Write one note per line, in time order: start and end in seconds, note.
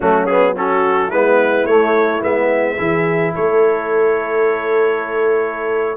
0.00 1.11 F#3
0.00 0.28 A3
0.00 0.54 C#4
0.00 0.25 F#4
0.25 0.55 B3
0.25 0.53 G#4
0.54 1.11 C#4
0.54 1.09 F#4
0.54 1.10 A4
1.09 1.65 G#3
1.09 1.68 B3
1.09 2.75 E4
1.09 1.66 B4
1.65 2.20 A3
1.65 2.22 A3
1.65 2.21 C#5
2.21 2.77 G#3
2.21 2.77 B3
2.21 3.34 E5
2.77 3.34 E3
2.77 5.96 E4
2.77 3.33 G#4
3.34 5.97 A3
3.34 5.97 A4
3.34 5.97 C#5